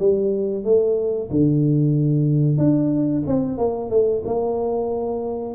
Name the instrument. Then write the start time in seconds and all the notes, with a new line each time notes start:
tuba
0.00 G3
0.65 A3
1.31 D3
2.58 D4
3.27 C4
3.58 A#3
3.90 A3
4.26 A#3